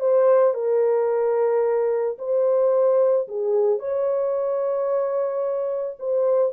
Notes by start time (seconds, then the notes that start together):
0.00 C5
0.54 A#4
2.18 C5
3.28 G#4
3.79 C#5
5.99 C5